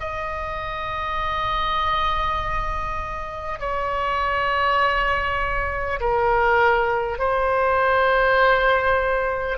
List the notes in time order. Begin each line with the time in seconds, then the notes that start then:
0.00 D#5
3.59 C#5
6.00 A#4
7.19 C5